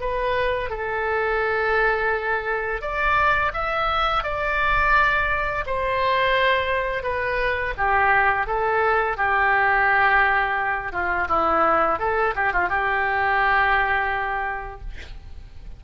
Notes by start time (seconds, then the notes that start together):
0.00 B4
0.70 A4
2.81 D5
3.53 E5
4.23 D5
5.66 C5
7.03 B4
7.77 G4
8.46 A4
9.17 G4
10.92 F4
11.28 E4
11.99 A4
12.35 G4
12.53 F4
12.69 G4